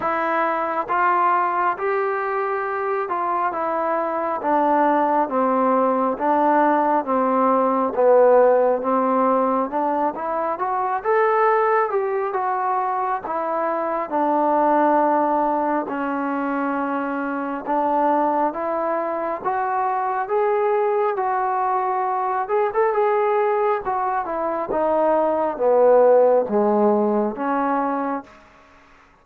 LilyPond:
\new Staff \with { instrumentName = "trombone" } { \time 4/4 \tempo 4 = 68 e'4 f'4 g'4. f'8 | e'4 d'4 c'4 d'4 | c'4 b4 c'4 d'8 e'8 | fis'8 a'4 g'8 fis'4 e'4 |
d'2 cis'2 | d'4 e'4 fis'4 gis'4 | fis'4. gis'16 a'16 gis'4 fis'8 e'8 | dis'4 b4 gis4 cis'4 | }